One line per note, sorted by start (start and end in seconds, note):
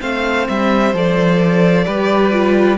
0.00 0.48 A3
0.00 0.93 C4
0.00 1.85 C5
0.00 0.47 F5
0.48 0.93 G3
0.48 0.94 E5
0.93 1.86 F3
0.93 1.86 A4
0.93 2.77 D5
1.86 2.77 G3
1.86 2.31 G4
1.86 2.77 B4
2.31 2.77 F4